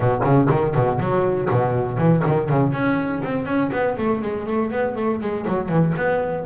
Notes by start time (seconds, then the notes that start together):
0.00 B2
0.24 C#3
0.50 D#3
0.74 B2
0.99 F#3
1.50 B2
1.98 E3
2.26 D#3
2.49 C#3
2.72 C#4
3.24 C4
3.45 C#4
3.72 B3
3.97 A3
4.21 G#3
4.46 A3
4.71 B3
4.95 A3
5.20 G#3
5.47 F#3
5.69 E3
5.97 B3